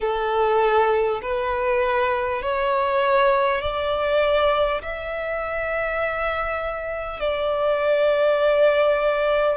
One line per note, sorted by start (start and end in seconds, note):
0.01 1.21 A4
1.22 2.42 B4
2.42 3.61 C#5
3.61 4.81 D5
4.82 7.19 E5
7.19 9.57 D5